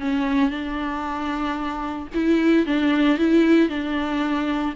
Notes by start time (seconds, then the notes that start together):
0.00 C#4
0.50 D4
2.14 E4
2.66 D4
3.18 E4
3.69 D4